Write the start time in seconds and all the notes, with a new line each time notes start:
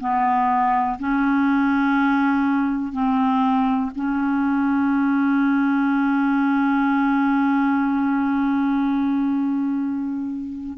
0.00 B3
0.99 C#4
2.92 C4
3.96 C#4